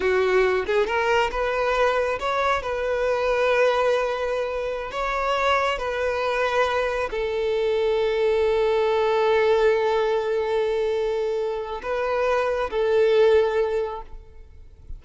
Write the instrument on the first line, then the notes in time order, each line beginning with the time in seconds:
violin
0.00 F#4
0.66 G#4
0.86 A#4
1.31 B4
2.19 C#5
2.62 B4
4.91 C#5
5.78 B4
7.11 A4
11.82 B4
12.70 A4